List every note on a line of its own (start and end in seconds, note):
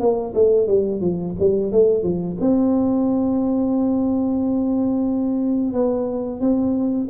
0.00 0.34 A#3
0.35 0.67 A3
0.67 1.01 G3
1.01 1.35 F3
1.40 1.72 G3
1.72 2.03 A3
2.03 2.37 F3
2.41 5.73 C4
5.73 6.40 B3
6.40 7.08 C4